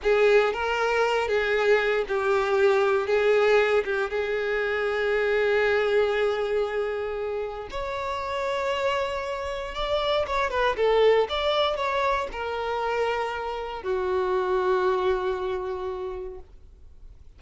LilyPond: \new Staff \with { instrumentName = "violin" } { \time 4/4 \tempo 4 = 117 gis'4 ais'4. gis'4. | g'2 gis'4. g'8 | gis'1~ | gis'2. cis''4~ |
cis''2. d''4 | cis''8 b'8 a'4 d''4 cis''4 | ais'2. fis'4~ | fis'1 | }